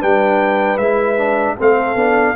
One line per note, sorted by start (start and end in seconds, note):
0.00 0.78 G3
0.00 0.79 D4
0.00 1.56 B4
0.00 0.78 G5
0.78 1.56 G#3
0.78 1.18 E4
0.78 1.56 E5
1.18 1.57 D4
1.59 1.96 A3
1.59 1.97 C4
1.59 2.36 A4
1.59 2.36 F5
1.96 2.35 B3
1.96 2.36 D4